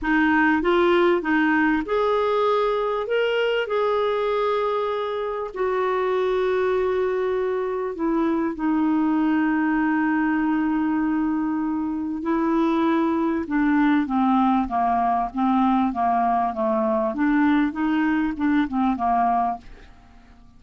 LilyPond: \new Staff \with { instrumentName = "clarinet" } { \time 4/4 \tempo 4 = 98 dis'4 f'4 dis'4 gis'4~ | gis'4 ais'4 gis'2~ | gis'4 fis'2.~ | fis'4 e'4 dis'2~ |
dis'1 | e'2 d'4 c'4 | ais4 c'4 ais4 a4 | d'4 dis'4 d'8 c'8 ais4 | }